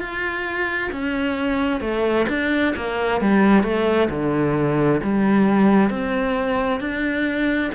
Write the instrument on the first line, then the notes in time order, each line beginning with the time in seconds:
cello
0.00 F4
0.92 C#4
1.81 A3
2.29 D4
2.76 A#3
3.21 G3
3.64 A3
4.10 D3
5.03 G3
5.90 C4
6.80 D4